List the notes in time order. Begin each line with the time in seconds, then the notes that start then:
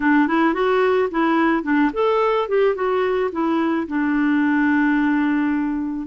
0.00 D4
0.27 E4
0.54 F#4
1.10 E4
1.63 D4
1.93 A4
2.48 G4
2.75 F#4
3.32 E4
3.87 D4